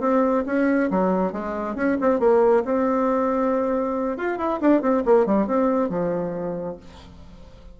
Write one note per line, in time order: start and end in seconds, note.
0.00 0.44 C4
0.46 0.90 C#4
0.91 1.33 F#3
1.33 1.75 G#3
1.75 1.97 C#4
2.01 2.19 C4
2.19 2.63 A#3
2.65 4.17 C4
4.17 4.38 F4
4.38 4.59 E4
4.61 4.81 D4
4.81 5.03 C4
5.05 5.26 A#3
5.26 5.47 G3
5.47 5.89 C4
5.89 6.77 F3